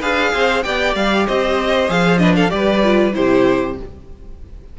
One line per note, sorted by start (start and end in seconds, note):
0.00 0.33 D4
0.00 0.64 G#4
0.00 0.31 B4
0.00 0.63 F5
0.33 0.65 C4
0.33 0.65 C5
0.63 0.95 B3
0.63 1.89 G4
0.63 1.27 D5
0.63 0.94 G5
0.95 1.26 G3
0.95 1.27 F5
1.27 1.89 C4
1.27 2.20 C5
1.27 1.90 D#5
1.89 2.51 F3
1.89 2.19 G#4
1.89 2.18 F5
2.18 2.49 D4
2.18 2.36 B4
2.18 2.34 D#5
2.36 2.52 A4
2.36 2.50 F5
2.49 3.15 G3
2.49 2.80 G4
2.49 3.16 B4
2.49 3.13 D5
2.84 3.13 F4
3.13 3.79 C3
3.13 3.76 E4
3.13 3.78 G4
3.13 3.77 C5